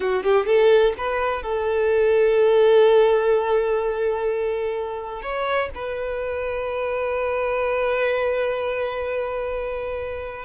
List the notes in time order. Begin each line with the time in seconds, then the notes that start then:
0.00 F#4
0.23 G4
0.46 A4
0.97 B4
1.43 A4
5.21 C#5
5.74 B4